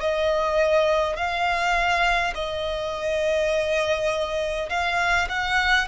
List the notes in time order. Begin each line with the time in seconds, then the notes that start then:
0.00 D#5
1.16 F5
2.34 D#5
4.69 F5
5.29 F#5